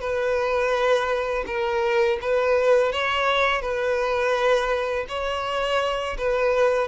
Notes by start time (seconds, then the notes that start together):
0.00 B4
1.47 A#4
2.21 B4
2.92 C#5
3.61 B4
5.08 C#5
6.18 B4